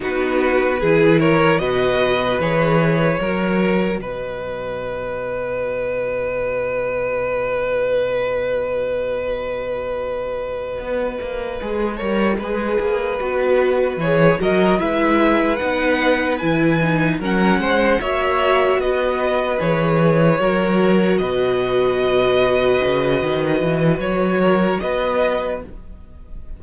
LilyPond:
<<
  \new Staff \with { instrumentName = "violin" } { \time 4/4 \tempo 4 = 75 b'4. cis''8 dis''4 cis''4~ | cis''4 dis''2.~ | dis''1~ | dis''1~ |
dis''4. cis''8 dis''8 e''4 fis''8~ | fis''8 gis''4 fis''4 e''4 dis''8~ | dis''8 cis''2 dis''4.~ | dis''2 cis''4 dis''4 | }
  \new Staff \with { instrumentName = "violin" } { \time 4/4 fis'4 gis'8 ais'8 b'2 | ais'4 b'2.~ | b'1~ | b'2. cis''8 b'8~ |
b'2 ais'8 b'4.~ | b'4. ais'8 c''8 cis''4 b'8~ | b'4. ais'4 b'4.~ | b'2~ b'8 ais'8 b'4 | }
  \new Staff \with { instrumentName = "viola" } { \time 4/4 dis'4 e'4 fis'4 gis'4 | fis'1~ | fis'1~ | fis'2~ fis'8 gis'8 ais'8 gis'8~ |
gis'8 fis'4 gis'8 fis'8 e'4 dis'8~ | dis'8 e'8 dis'8 cis'4 fis'4.~ | fis'8 gis'4 fis'2~ fis'8~ | fis'1 | }
  \new Staff \with { instrumentName = "cello" } { \time 4/4 b4 e4 b,4 e4 | fis4 b,2.~ | b,1~ | b,4. b8 ais8 gis8 g8 gis8 |
ais8 b4 e8 fis8 gis4 b8~ | b8 e4 fis8 gis8 ais4 b8~ | b8 e4 fis4 b,4.~ | b,8 cis8 dis8 e8 fis4 b4 | }
>>